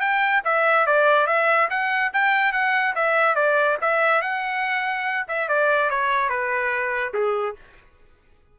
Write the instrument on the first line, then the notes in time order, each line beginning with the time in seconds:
trumpet
0.00 G5
0.44 E5
0.86 D5
1.27 E5
1.70 F#5
2.13 G5
2.52 F#5
2.95 E5
3.35 D5
3.81 E5
4.21 F#5
5.28 E5
5.48 D5
5.90 C#5
6.29 B4
7.13 G#4